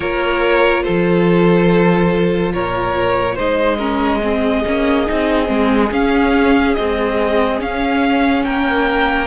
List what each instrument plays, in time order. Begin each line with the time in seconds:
0.00 cello A#3, viola F4, violin A#4 C#5
0.83 cello F3, violin A4 C5
2.53 cello A#2, violin A#4 C#5
3.35 cello G#3, viola D#4, violin C5 D#5
3.77 viola C#4, violin A#4
4.22 viola C4, violin G#4
4.66 cello A#3, viola C#4
5.06 cello C4, viola D#4
5.45 cello G#3, viola C4
5.91 cello C#4, viola C#4, violin F5
6.74 viola G#3, cello C4, violin D#5
7.59 viola C#4, cello C#4, violin F5
8.43 cello A#3, violin A#4 G5